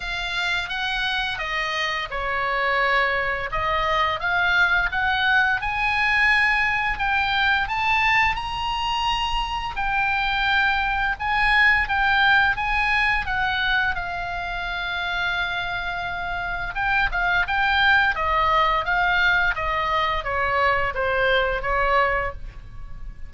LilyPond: \new Staff \with { instrumentName = "oboe" } { \time 4/4 \tempo 4 = 86 f''4 fis''4 dis''4 cis''4~ | cis''4 dis''4 f''4 fis''4 | gis''2 g''4 a''4 | ais''2 g''2 |
gis''4 g''4 gis''4 fis''4 | f''1 | g''8 f''8 g''4 dis''4 f''4 | dis''4 cis''4 c''4 cis''4 | }